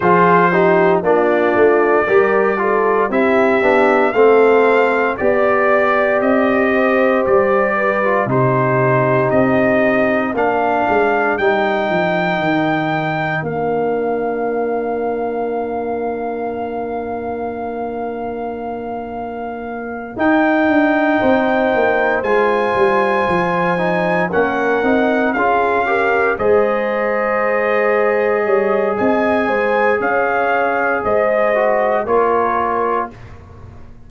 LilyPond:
<<
  \new Staff \with { instrumentName = "trumpet" } { \time 4/4 \tempo 4 = 58 c''4 d''2 e''4 | f''4 d''4 dis''4 d''4 | c''4 dis''4 f''4 g''4~ | g''4 f''2.~ |
f''2.~ f''8 g''8~ | g''4. gis''2 fis''8~ | fis''8 f''4 dis''2~ dis''8 | gis''4 f''4 dis''4 cis''4 | }
  \new Staff \with { instrumentName = "horn" } { \time 4/4 gis'8 g'8 f'4 ais'8 a'8 g'4 | a'4 d''4. c''4 b'8 | g'2 ais'2~ | ais'1~ |
ais'1~ | ais'8 c''2. ais'8~ | ais'8 gis'8 ais'8 c''2 cis''8 | dis''8 c''8 cis''4 c''4 ais'4 | }
  \new Staff \with { instrumentName = "trombone" } { \time 4/4 f'8 dis'8 d'4 g'8 f'8 e'8 d'8 | c'4 g'2~ g'8. f'16 | dis'2 d'4 dis'4~ | dis'4 d'2.~ |
d'2.~ d'8 dis'8~ | dis'4. f'4. dis'8 cis'8 | dis'8 f'8 g'8 gis'2~ gis'8~ | gis'2~ gis'8 fis'8 f'4 | }
  \new Staff \with { instrumentName = "tuba" } { \time 4/4 f4 ais8 a8 g4 c'8 b8 | a4 b4 c'4 g4 | c4 c'4 ais8 gis8 g8 f8 | dis4 ais2.~ |
ais2.~ ais8 dis'8 | d'8 c'8 ais8 gis8 g8 f4 ais8 | c'8 cis'4 gis2 g8 | c'8 gis8 cis'4 gis4 ais4 | }
>>